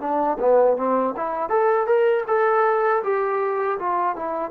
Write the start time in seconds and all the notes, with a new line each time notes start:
0.00 D4
0.39 B3
0.77 C4
1.16 E4
1.49 A4
1.86 A#4
2.27 A4
3.03 G4
3.78 F4
4.16 E4